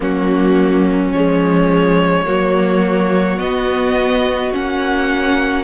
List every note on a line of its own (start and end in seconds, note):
0.00 1.12 F#3
0.00 1.10 A#3
0.00 2.25 C#4
0.00 1.12 F#4
1.12 2.26 F3
1.12 2.26 G#3
1.12 3.38 C#5
2.25 3.39 F#3
2.25 3.38 A#3
2.25 5.64 F#4
3.38 4.51 B3
3.38 4.54 B3
3.38 4.52 D#5
4.52 5.64 A#3
4.52 5.64 C#4
4.52 5.64 F#5